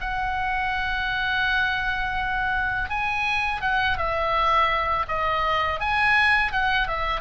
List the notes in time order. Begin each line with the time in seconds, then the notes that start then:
0.00 F#5
2.89 G#5
3.61 F#5
3.98 E5
5.08 D#5
5.80 G#5
6.52 F#5
6.87 E5